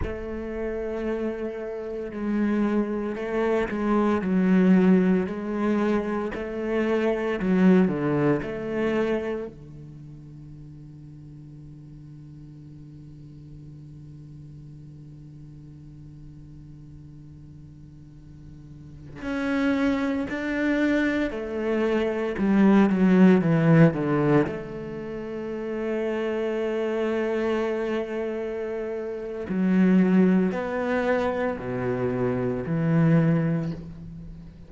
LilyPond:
\new Staff \with { instrumentName = "cello" } { \time 4/4 \tempo 4 = 57 a2 gis4 a8 gis8 | fis4 gis4 a4 fis8 d8 | a4 d2.~ | d1~ |
d2~ d16 cis'4 d'8.~ | d'16 a4 g8 fis8 e8 d8 a8.~ | a1 | fis4 b4 b,4 e4 | }